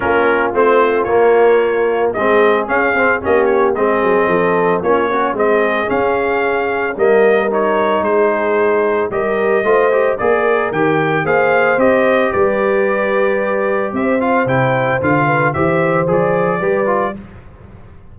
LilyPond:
<<
  \new Staff \with { instrumentName = "trumpet" } { \time 4/4 \tempo 4 = 112 ais'4 c''4 cis''2 | dis''4 f''4 dis''8 cis''8 dis''4~ | dis''4 cis''4 dis''4 f''4~ | f''4 dis''4 cis''4 c''4~ |
c''4 dis''2 d''4 | g''4 f''4 dis''4 d''4~ | d''2 e''8 f''8 g''4 | f''4 e''4 d''2 | }
  \new Staff \with { instrumentName = "horn" } { \time 4/4 f'1 | gis'2 g'4 gis'4 | a'4 f'8 cis'8 gis'2~ | gis'4 ais'2 gis'4~ |
gis'4 ais'4 c''4 ais'4~ | ais'4 c''2 b'4~ | b'2 c''2~ | c''8 b'8 c''2 b'4 | }
  \new Staff \with { instrumentName = "trombone" } { \time 4/4 cis'4 c'4 ais2 | c'4 cis'8 c'8 cis'4 c'4~ | c'4 cis'8 fis'8 c'4 cis'4~ | cis'4 ais4 dis'2~ |
dis'4 g'4 f'8 g'8 gis'4 | g'4 gis'4 g'2~ | g'2~ g'8 f'8 e'4 | f'4 g'4 gis'4 g'8 f'8 | }
  \new Staff \with { instrumentName = "tuba" } { \time 4/4 ais4 a4 ais2 | gis4 cis'8 c'8 ais4 gis8 fis8 | f4 ais4 gis4 cis'4~ | cis'4 g2 gis4~ |
gis4 g4 a4 ais4 | dis4 ais4 c'4 g4~ | g2 c'4 c4 | d4 e4 f4 g4 | }
>>